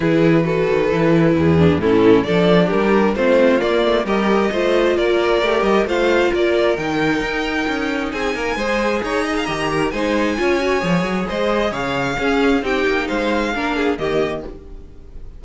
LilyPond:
<<
  \new Staff \with { instrumentName = "violin" } { \time 4/4 \tempo 4 = 133 b'1 | a'4 d''4 ais'4 c''4 | d''4 dis''2 d''4~ | d''8 dis''8 f''4 d''4 g''4~ |
g''2 gis''2 | ais''2 gis''2~ | gis''4 dis''4 f''2 | g''4 f''2 dis''4 | }
  \new Staff \with { instrumentName = "violin" } { \time 4/4 gis'4 a'2 gis'4 | e'4 a'4 g'4 f'4~ | f'4 ais'4 c''4 ais'4~ | ais'4 c''4 ais'2~ |
ais'2 gis'8 ais'8 c''4 | cis''8 dis''16 f''16 dis''8 ais'8 c''4 cis''4~ | cis''4 c''4 cis''4 gis'4 | g'4 c''4 ais'8 gis'8 g'4 | }
  \new Staff \with { instrumentName = "viola" } { \time 4/4 e'4 fis'4 e'4. d'8 | cis'4 d'2 c'4 | ais4 g'4 f'2 | g'4 f'2 dis'4~ |
dis'2. gis'4~ | gis'4 g'4 dis'4 f'8 fis'8 | gis'2. cis'4 | dis'2 d'4 ais4 | }
  \new Staff \with { instrumentName = "cello" } { \time 4/4 e4. dis8 e4 e,4 | a,4 f4 g4 a4 | ais8 a8 g4 a4 ais4 | a8 g8 a4 ais4 dis4 |
dis'4 cis'4 c'8 ais8 gis4 | dis'4 dis4 gis4 cis'4 | f8 fis8 gis4 cis4 cis'4 | c'8 ais8 gis4 ais4 dis4 | }
>>